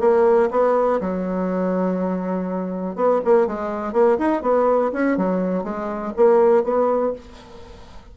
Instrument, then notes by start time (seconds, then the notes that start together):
bassoon
0.00 A#3
0.51 B3
1.00 F#3
2.96 B3
3.25 A#3
3.47 G#3
3.93 A#3
4.18 D#4
4.42 B3
4.93 C#4
5.18 F#3
5.64 G#3
6.16 A#3
6.64 B3